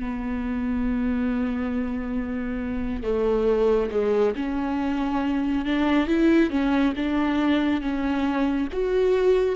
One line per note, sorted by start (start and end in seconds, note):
0.00 3.03 B3
3.03 3.90 A3
3.91 4.34 G#3
4.36 5.65 C#4
5.65 6.07 D4
6.07 6.50 E4
6.50 6.94 C#4
6.96 7.81 D4
7.81 8.68 C#4
8.72 9.55 F#4